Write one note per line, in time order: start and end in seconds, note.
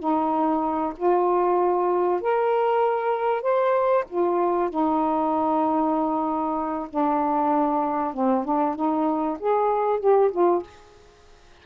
0.00 0.94 D#4
0.97 2.22 F4
2.22 3.43 A#4
3.43 4.05 C5
4.10 4.70 F4
4.70 6.89 D#4
6.91 8.14 D4
8.14 8.45 C4
8.45 8.76 D4
8.76 9.38 D#4
9.40 10.00 G#4
10.00 10.32 G4
10.32 10.63 F4